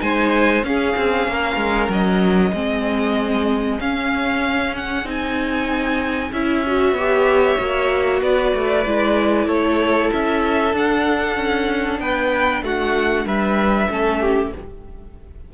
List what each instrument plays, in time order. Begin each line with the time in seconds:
0.00 cello G#3, viola D#4, violin C5 G#5
0.64 cello C#4, viola C#4, violin G#4 F5
0.97 cello C4
1.28 cello A#3, violin A#4
1.57 cello G#3
1.89 cello F#3, violin D#5
2.54 cello G#3, viola C4, violin G#4
3.80 viola C#4, cello C#4, violin F5
4.77 violin F#5
5.04 cello C4, viola D#4
5.10 violin G#5
6.33 cello C#4, viola E4, violin E5
6.67 viola F#4
6.93 cello B3, viola G4, violin C#5
7.58 cello A#3, viola F#4
8.22 cello B3, violin B4 D5
8.55 cello A3
8.87 cello G#3, viola E4
9.47 cello A3, violin A4 C#5
10.12 cello C#4, violin E5
10.74 cello D4, viola D4, violin F#5
11.37 cello C#4
12.00 cello B3, violin B4 G5
12.62 cello A3, violin F#4 F#5
13.26 cello G3, violin B4 E5
13.90 cello A3, viola C#4, violin A4
14.21 violin G4